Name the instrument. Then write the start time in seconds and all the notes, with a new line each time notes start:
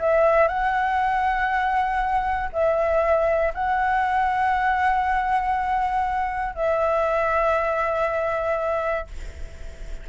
flute
0.00 E5
0.48 F#5
2.53 E5
3.55 F#5
6.55 E5